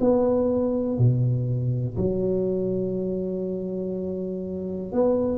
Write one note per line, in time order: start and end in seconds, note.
0.00 0.98 B3
0.98 1.96 B2
1.97 4.92 F#3
4.92 5.37 B3